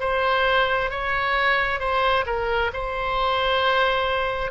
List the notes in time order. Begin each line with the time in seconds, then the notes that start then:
0.00 C5
0.90 C#5
1.80 C5
2.26 A#4
2.74 C5